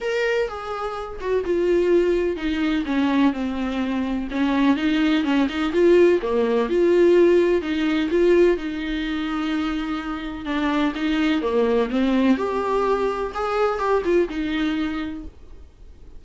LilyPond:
\new Staff \with { instrumentName = "viola" } { \time 4/4 \tempo 4 = 126 ais'4 gis'4. fis'8 f'4~ | f'4 dis'4 cis'4 c'4~ | c'4 cis'4 dis'4 cis'8 dis'8 | f'4 ais4 f'2 |
dis'4 f'4 dis'2~ | dis'2 d'4 dis'4 | ais4 c'4 g'2 | gis'4 g'8 f'8 dis'2 | }